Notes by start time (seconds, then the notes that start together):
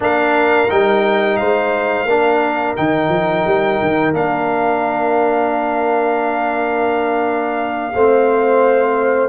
0.00 A#3 D4 A#4 F5
0.69 G3 D#4 G5
1.36 G#3 C5 F5
2.05 A#3 D4 A#4
2.76 D#3 D#4 G5
3.08 F3
3.45 G3
3.81 D#3
4.13 A#3 D4 F5
7.94 A3 C4 C5